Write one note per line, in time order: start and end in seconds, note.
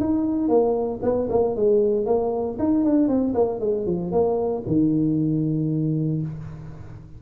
0.00 0.49 D#4
0.49 1.00 A#3
1.03 1.28 B3
1.30 1.56 A#3
1.56 2.06 G#3
2.06 2.58 A#3
2.59 2.85 D#4
2.85 3.08 D4
3.08 3.34 C4
3.35 3.60 A#3
3.60 3.86 G#3
3.86 4.12 F3
4.12 4.63 A#3
4.67 6.22 D#3